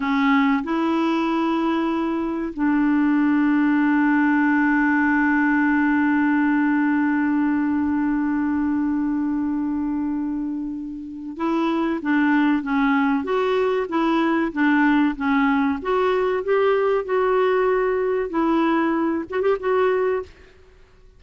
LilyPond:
\new Staff \with { instrumentName = "clarinet" } { \time 4/4 \tempo 4 = 95 cis'4 e'2. | d'1~ | d'1~ | d'1~ |
d'2 e'4 d'4 | cis'4 fis'4 e'4 d'4 | cis'4 fis'4 g'4 fis'4~ | fis'4 e'4. fis'16 g'16 fis'4 | }